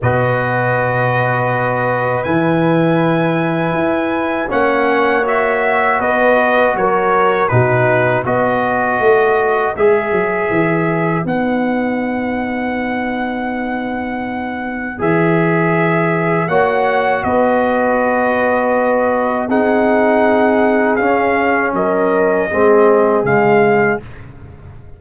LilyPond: <<
  \new Staff \with { instrumentName = "trumpet" } { \time 4/4 \tempo 4 = 80 dis''2. gis''4~ | gis''2 fis''4 e''4 | dis''4 cis''4 b'4 dis''4~ | dis''4 e''2 fis''4~ |
fis''1 | e''2 fis''4 dis''4~ | dis''2 fis''2 | f''4 dis''2 f''4 | }
  \new Staff \with { instrumentName = "horn" } { \time 4/4 b'1~ | b'2 cis''2 | b'4 ais'4 fis'4 b'4~ | b'1~ |
b'1~ | b'2 cis''4 b'4~ | b'2 gis'2~ | gis'4 ais'4 gis'2 | }
  \new Staff \with { instrumentName = "trombone" } { \time 4/4 fis'2. e'4~ | e'2 cis'4 fis'4~ | fis'2 dis'4 fis'4~ | fis'4 gis'2 dis'4~ |
dis'1 | gis'2 fis'2~ | fis'2 dis'2 | cis'2 c'4 gis4 | }
  \new Staff \with { instrumentName = "tuba" } { \time 4/4 b,2. e4~ | e4 e'4 ais2 | b4 fis4 b,4 b4 | a4 gis8 fis8 e4 b4~ |
b1 | e2 ais4 b4~ | b2 c'2 | cis'4 fis4 gis4 cis4 | }
>>